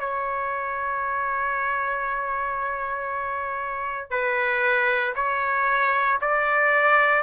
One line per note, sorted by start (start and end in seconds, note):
0.00 4.10 C#5
4.10 5.13 B4
5.15 6.19 C#5
6.21 7.23 D5